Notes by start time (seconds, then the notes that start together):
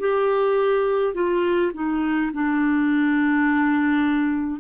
0.00 G4
1.14 F4
1.74 D#4
2.33 D4